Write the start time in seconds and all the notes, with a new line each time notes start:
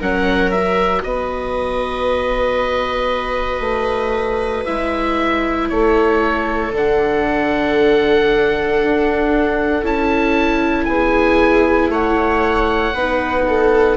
0.00 F#3 C#4 A#4 F#5
0.51 F#4 E5
1.03 B3 B4 D#5
3.61 A3
4.65 G#3 E4 E5
5.69 A3 A4 C#5
6.73 D3 D4 F#5
8.84 D4
9.83 C#4 E4 A5
10.85 B3 G#4 G#5
11.90 A3 C#5 F#5
12.94 B3 D#4 B4
13.48 A4